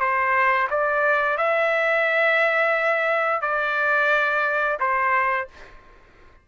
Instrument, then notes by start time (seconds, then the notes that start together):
trumpet
0.00 C5
0.70 D5
1.38 E5
3.42 D5
4.80 C5